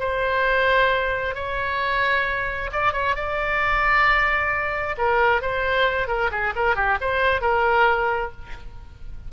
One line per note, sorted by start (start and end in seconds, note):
0.00 1.35 C5
1.35 2.70 C#5
2.73 2.93 D5
2.93 3.16 C#5
3.16 4.96 D5
4.98 5.42 A#4
5.42 6.08 C5
6.08 6.31 A#4
6.31 6.54 G#4
6.56 6.76 A#4
6.76 6.98 G4
7.01 7.41 C5
7.41 8.32 A#4